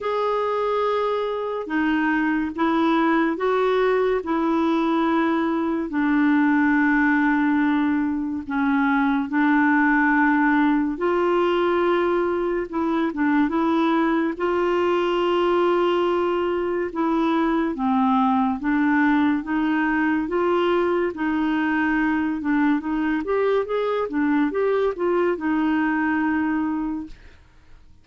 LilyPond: \new Staff \with { instrumentName = "clarinet" } { \time 4/4 \tempo 4 = 71 gis'2 dis'4 e'4 | fis'4 e'2 d'4~ | d'2 cis'4 d'4~ | d'4 f'2 e'8 d'8 |
e'4 f'2. | e'4 c'4 d'4 dis'4 | f'4 dis'4. d'8 dis'8 g'8 | gis'8 d'8 g'8 f'8 dis'2 | }